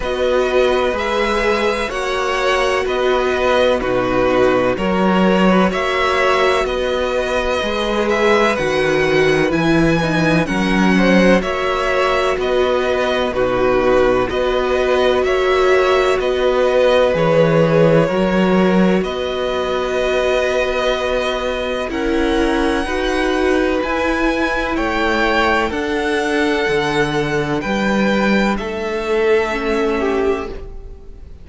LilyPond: <<
  \new Staff \with { instrumentName = "violin" } { \time 4/4 \tempo 4 = 63 dis''4 e''4 fis''4 dis''4 | b'4 cis''4 e''4 dis''4~ | dis''8 e''8 fis''4 gis''4 fis''4 | e''4 dis''4 b'4 dis''4 |
e''4 dis''4 cis''2 | dis''2. fis''4~ | fis''4 gis''4 g''4 fis''4~ | fis''4 g''4 e''2 | }
  \new Staff \with { instrumentName = "violin" } { \time 4/4 b'2 cis''4 b'4 | fis'4 ais'8. b'16 cis''4 b'4~ | b'2. ais'8 c''8 | cis''4 b'4 fis'4 b'4 |
cis''4 b'2 ais'4 | b'2. ais'4 | b'2 cis''4 a'4~ | a'4 b'4 a'4. g'8 | }
  \new Staff \with { instrumentName = "viola" } { \time 4/4 fis'4 gis'4 fis'2 | dis'4 fis'2. | gis'4 fis'4 e'8 dis'8 cis'4 | fis'2 dis'4 fis'4~ |
fis'2 gis'4 fis'4~ | fis'2. e'4 | fis'4 e'2 d'4~ | d'2. cis'4 | }
  \new Staff \with { instrumentName = "cello" } { \time 4/4 b4 gis4 ais4 b4 | b,4 fis4 ais4 b4 | gis4 dis4 e4 fis4 | ais4 b4 b,4 b4 |
ais4 b4 e4 fis4 | b2. cis'4 | dis'4 e'4 a4 d'4 | d4 g4 a2 | }
>>